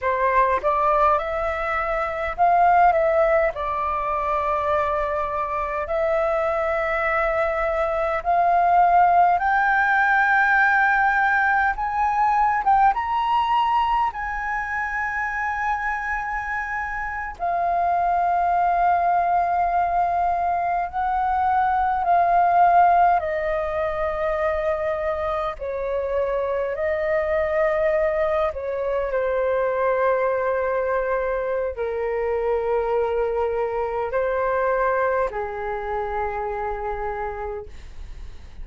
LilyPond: \new Staff \with { instrumentName = "flute" } { \time 4/4 \tempo 4 = 51 c''8 d''8 e''4 f''8 e''8 d''4~ | d''4 e''2 f''4 | g''2 gis''8. g''16 ais''4 | gis''2~ gis''8. f''4~ f''16~ |
f''4.~ f''16 fis''4 f''4 dis''16~ | dis''4.~ dis''16 cis''4 dis''4~ dis''16~ | dis''16 cis''8 c''2~ c''16 ais'4~ | ais'4 c''4 gis'2 | }